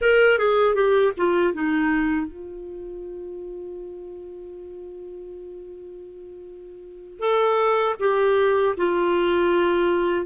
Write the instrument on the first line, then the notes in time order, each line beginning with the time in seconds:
clarinet
0.01 A#4
0.38 G#4
0.74 G4
1.17 F4
1.53 D#4
2.26 F4
7.19 A4
7.99 G4
8.77 F4